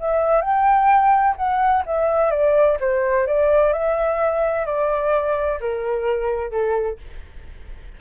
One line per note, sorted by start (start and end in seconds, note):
0.00 0.42 E5
0.42 1.36 G5
1.37 1.84 F#5
1.86 2.31 E5
2.31 2.78 D5
2.80 3.27 C5
3.27 3.73 D5
3.73 4.66 E5
4.66 5.60 D5
5.61 6.51 A#4
6.51 6.98 A4